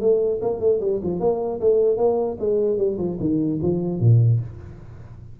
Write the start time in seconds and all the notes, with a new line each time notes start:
0.00 A3
0.41 A#3
0.59 A3
0.80 G3
1.03 F3
1.19 A#3
1.60 A3
1.97 A#3
2.39 G#3
2.77 G3
2.97 F3
3.20 D#3
3.62 F3
3.99 A#2